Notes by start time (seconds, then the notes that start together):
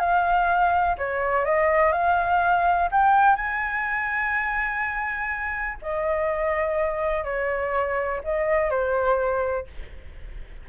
0.00 F5
0.98 C#5
1.46 D#5
1.92 F5
2.92 G5
3.36 G#5
5.82 D#5
7.24 C#5
8.24 D#5
8.71 C5